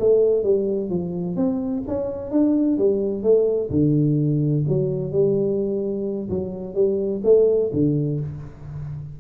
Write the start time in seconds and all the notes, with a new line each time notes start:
0.00 A3
0.44 G3
0.90 F3
1.37 C4
1.88 C#4
2.31 D4
2.78 G3
3.23 A3
3.71 D3
4.69 F#3
5.12 G3
6.30 F#3
6.75 G3
7.24 A3
7.73 D3